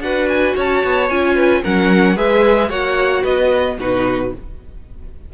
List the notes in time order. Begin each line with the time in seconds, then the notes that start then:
0.00 D4 F#4 B4 F#5
0.28 G#5
0.56 C#4 C#5 A5
0.84 B3
1.09 C#4 F4 G#5
1.35 B4
1.63 F#3 C#4 A#4 F#5
2.16 G#3 G#4 B4 E5
2.69 A#3 F#4 C#5 F#5
3.22 B3 B4 D#5
3.79 B2 D#4 F#4 B4